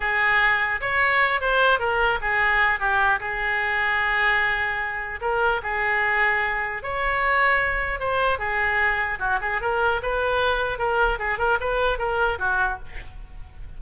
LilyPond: \new Staff \with { instrumentName = "oboe" } { \time 4/4 \tempo 4 = 150 gis'2 cis''4. c''8~ | c''8 ais'4 gis'4. g'4 | gis'1~ | gis'4 ais'4 gis'2~ |
gis'4 cis''2. | c''4 gis'2 fis'8 gis'8 | ais'4 b'2 ais'4 | gis'8 ais'8 b'4 ais'4 fis'4 | }